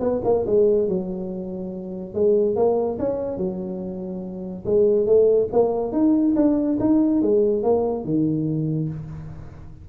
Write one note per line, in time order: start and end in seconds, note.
0.00 0.21 B3
0.24 0.45 A#3
0.46 0.88 G#3
0.88 2.14 F#3
2.14 2.56 G#3
2.56 2.98 A#3
2.99 3.37 C#4
3.37 4.64 F#3
4.65 5.06 G#3
5.06 5.49 A3
5.52 5.92 A#3
5.92 6.35 D#4
6.36 6.78 D4
6.80 7.22 D#4
7.22 7.63 G#3
7.63 8.05 A#3
8.05 8.89 D#3